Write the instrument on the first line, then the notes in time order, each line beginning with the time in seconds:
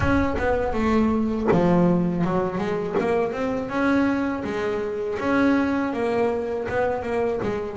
double bass
0.00 C#4
0.38 B3
0.73 A3
1.51 F3
2.24 F#3
2.58 G#3
2.99 A#3
3.32 C4
3.69 C#4
4.44 G#3
5.19 C#4
5.93 A#3
6.69 B3
7.02 A#3
7.42 G#3